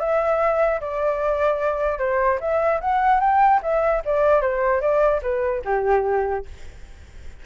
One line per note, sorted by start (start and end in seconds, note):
0.00 0.81 E5
0.81 1.99 D5
1.99 2.39 C5
2.41 2.81 E5
2.81 3.20 F#5
3.20 3.61 G5
3.63 4.03 E5
4.05 4.41 D5
4.41 4.81 C5
4.81 5.21 D5
5.23 5.63 B4
5.65 6.46 G4